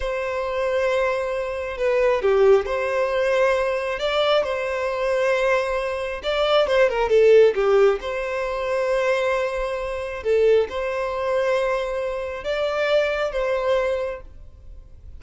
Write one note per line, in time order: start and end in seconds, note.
0.00 1.77 C5
1.77 2.21 B4
2.21 2.65 G4
2.65 3.99 C5
3.99 4.43 D5
4.43 6.21 C5
6.23 6.67 D5
6.67 6.89 C5
6.89 7.09 A#4
7.09 7.53 A4
7.55 7.99 G4
8.00 10.23 C5
10.23 10.67 A4
10.69 12.44 C5
12.44 13.32 D5
13.32 14.20 C5